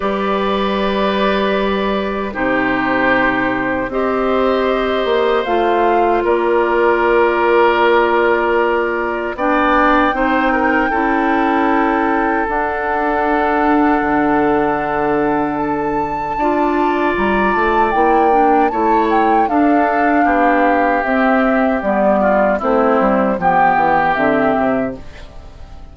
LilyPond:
<<
  \new Staff \with { instrumentName = "flute" } { \time 4/4 \tempo 4 = 77 d''2. c''4~ | c''4 dis''2 f''4 | d''1 | g''1 |
fis''1 | a''2 ais''8 a''8 g''4 | a''8 g''8 f''2 e''4 | d''4 c''4 g''4 e''4 | }
  \new Staff \with { instrumentName = "oboe" } { \time 4/4 b'2. g'4~ | g'4 c''2. | ais'1 | d''4 c''8 ais'8 a'2~ |
a'1~ | a'4 d''2. | cis''4 a'4 g'2~ | g'8 f'8 e'4 g'2 | }
  \new Staff \with { instrumentName = "clarinet" } { \time 4/4 g'2. dis'4~ | dis'4 g'2 f'4~ | f'1 | d'4 dis'4 e'2 |
d'1~ | d'4 f'2 e'8 d'8 | e'4 d'2 c'4 | b4 c'4 b4 c'4 | }
  \new Staff \with { instrumentName = "bassoon" } { \time 4/4 g2. c4~ | c4 c'4. ais8 a4 | ais1 | b4 c'4 cis'2 |
d'2 d2~ | d4 d'4 g8 a8 ais4 | a4 d'4 b4 c'4 | g4 a8 g8 f8 e8 d8 c8 | }
>>